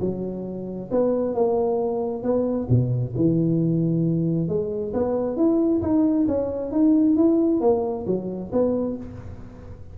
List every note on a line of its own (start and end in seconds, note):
0.00 0.90 F#3
0.91 1.35 B3
1.35 2.23 A#3
2.23 2.67 B3
2.69 3.14 B2
3.16 4.48 E3
4.48 4.93 G#3
4.93 5.37 B3
5.37 5.81 E4
5.82 6.27 D#4
6.27 6.71 C#4
6.71 7.16 D#4
7.16 7.61 E4
7.61 8.05 A#3
8.07 8.51 F#3
8.52 8.97 B3